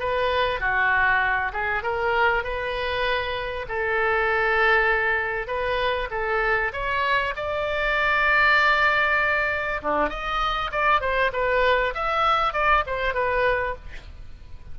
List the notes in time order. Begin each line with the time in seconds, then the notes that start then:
0.00 B4
0.60 F#4
1.53 G#4
1.83 A#4
2.44 B4
3.68 A4
5.47 B4
6.11 A4
6.73 C#5
7.36 D5
9.82 D4
10.10 D#5
10.72 D5
11.01 C5
11.33 B4
11.94 E5
12.54 D5
12.87 C5
13.14 B4